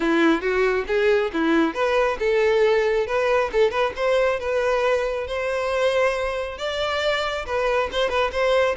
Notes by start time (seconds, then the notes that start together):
0.00 E4
0.41 F#4
0.87 G#4
1.33 E4
1.74 B4
2.19 A4
3.06 B4
3.52 A4
3.70 B4
3.95 C5
4.39 B4
5.27 C5
6.58 D5
7.46 B4
7.92 C5
8.09 B4
8.32 C5